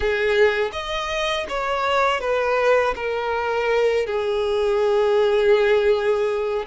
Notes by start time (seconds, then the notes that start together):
0.00 G#4
0.72 D#5
1.48 C#5
2.20 B4
2.95 A#4
4.06 G#4